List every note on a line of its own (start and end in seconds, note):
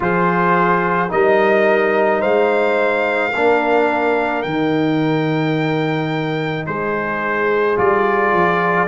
0.00 1.11 F3
0.00 1.09 F4
0.00 1.12 G#4
0.00 1.11 C5
1.09 2.23 G3
1.09 3.31 D#4
1.09 2.19 A#4
1.09 2.21 D#5
2.19 3.34 G#3
2.19 3.31 C5
2.19 4.42 F5
3.34 4.45 A#3
3.34 4.44 D4
3.34 6.67 A#4
4.42 6.66 D#3
4.42 7.76 D#4
4.42 6.64 G5
6.66 7.77 G#3
6.66 8.87 G#4
6.66 7.77 C5
7.76 8.33 G3
7.76 8.87 F4
7.76 8.87 D5
8.33 8.87 F3